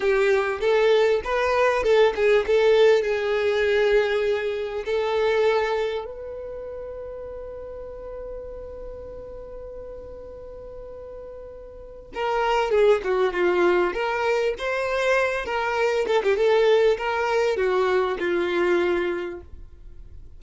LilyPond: \new Staff \with { instrumentName = "violin" } { \time 4/4 \tempo 4 = 99 g'4 a'4 b'4 a'8 gis'8 | a'4 gis'2. | a'2 b'2~ | b'1~ |
b'1 | ais'4 gis'8 fis'8 f'4 ais'4 | c''4. ais'4 a'16 g'16 a'4 | ais'4 fis'4 f'2 | }